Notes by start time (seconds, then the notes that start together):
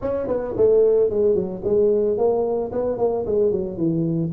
0.01 C#4
0.27 B3
0.56 A3
1.10 G#3
1.34 F#3
1.64 G#3
2.17 A#3
2.71 B3
2.98 A#3
3.26 G#3
3.51 F#3
3.77 E3